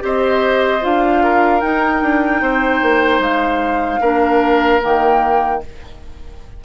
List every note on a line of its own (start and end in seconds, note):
0.00 0.83 C4
0.00 0.80 G4
0.00 1.23 C5
0.00 0.85 D#5
0.82 1.63 D4
0.82 1.61 F4
0.82 1.61 F5
1.23 2.42 A#4
1.61 4.01 D#4
1.61 2.02 D#4
1.61 3.21 G5
2.02 2.41 D4
2.41 2.81 C4
2.41 4.01 C5
2.82 3.19 A#3
3.19 3.99 G#3
3.19 4.83 F5
4.01 4.81 A#3
4.01 4.81 D4
4.01 5.61 A#4
4.81 5.65 D#3
4.81 5.61 A#3
4.81 5.64 G5